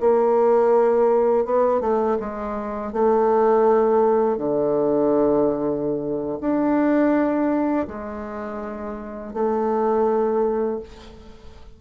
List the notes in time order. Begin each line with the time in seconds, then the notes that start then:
0.00 A#3
1.45 B3
1.81 A3
2.20 G#3
2.93 A3
4.38 D3
6.41 D4
7.88 G#3
9.34 A3